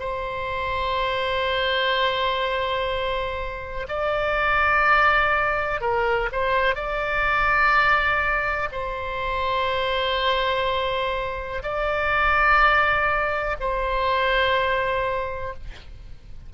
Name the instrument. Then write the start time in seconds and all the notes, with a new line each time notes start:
oboe
0.00 C5
3.89 D5
5.82 A#4
6.33 C5
6.76 D5
8.73 C5
11.63 D5
13.61 C5